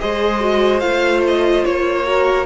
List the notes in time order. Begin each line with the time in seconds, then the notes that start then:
0.00 G#3 G#4 C5 D#5
0.41 F#4
0.80 A3 F4 F5
1.28 D#5
1.65 A#3 C#5
2.04 F#4 A#4